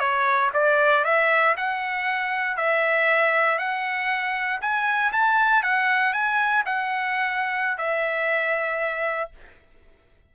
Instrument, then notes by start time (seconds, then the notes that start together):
trumpet
0.00 C#5
0.54 D5
1.05 E5
1.57 F#5
2.57 E5
3.59 F#5
4.62 G#5
5.13 A5
5.63 F#5
6.13 G#5
6.66 F#5
7.78 E5